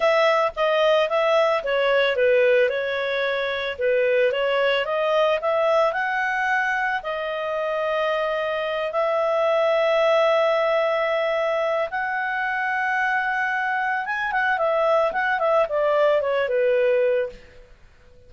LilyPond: \new Staff \with { instrumentName = "clarinet" } { \time 4/4 \tempo 4 = 111 e''4 dis''4 e''4 cis''4 | b'4 cis''2 b'4 | cis''4 dis''4 e''4 fis''4~ | fis''4 dis''2.~ |
dis''8 e''2.~ e''8~ | e''2 fis''2~ | fis''2 gis''8 fis''8 e''4 | fis''8 e''8 d''4 cis''8 b'4. | }